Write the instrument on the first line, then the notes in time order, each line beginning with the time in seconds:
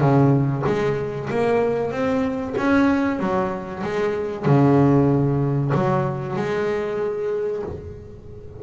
double bass
0.00 C#3
0.66 G#3
1.30 A#3
1.91 C4
2.57 C#4
3.19 F#3
3.83 G#3
4.45 C#3
5.74 F#3
6.36 G#3